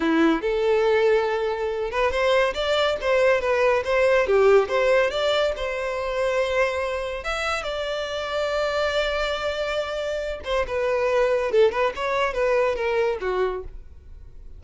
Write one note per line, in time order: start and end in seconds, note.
0.00 0.41 E4
0.41 1.90 A4
1.91 2.11 B4
2.11 2.53 C5
2.54 2.96 D5
3.01 3.40 C5
3.40 3.83 B4
3.84 4.26 C5
4.26 4.68 G4
4.68 5.10 C5
5.10 5.53 D5
5.56 7.23 C5
7.23 7.63 E5
7.63 10.39 D5
10.44 10.65 C5
10.67 11.51 B4
11.51 11.71 A4
11.71 11.92 B4
11.95 12.33 C#5
12.33 12.75 B4
12.75 13.18 A#4
13.21 13.63 F#4